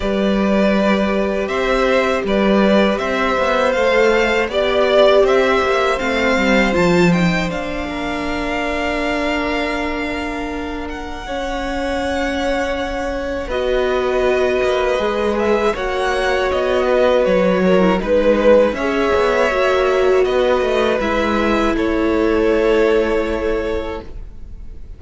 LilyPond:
<<
  \new Staff \with { instrumentName = "violin" } { \time 4/4 \tempo 4 = 80 d''2 e''4 d''4 | e''4 f''4 d''4 e''4 | f''4 a''8 g''8 f''2~ | f''2~ f''8 fis''4.~ |
fis''2 dis''2~ | dis''8 e''8 fis''4 dis''4 cis''4 | b'4 e''2 dis''4 | e''4 cis''2. | }
  \new Staff \with { instrumentName = "violin" } { \time 4/4 b'2 c''4 b'4 | c''2 d''4 c''4~ | c''2~ c''8 ais'4.~ | ais'2. cis''4~ |
cis''2 b'2~ | b'4 cis''4. b'4 ais'8 | b'4 cis''2 b'4~ | b'4 a'2. | }
  \new Staff \with { instrumentName = "viola" } { \time 4/4 g'1~ | g'4 a'4 g'2 | c'4 f'8 dis'8 d'2~ | d'2. cis'4~ |
cis'2 fis'2 | gis'4 fis'2~ fis'8. e'16 | dis'4 gis'4 fis'2 | e'1 | }
  \new Staff \with { instrumentName = "cello" } { \time 4/4 g2 c'4 g4 | c'8 b8 a4 b4 c'8 ais8 | a8 g8 f4 ais2~ | ais1~ |
ais2 b4. ais8 | gis4 ais4 b4 fis4 | gis4 cis'8 b8 ais4 b8 a8 | gis4 a2. | }
>>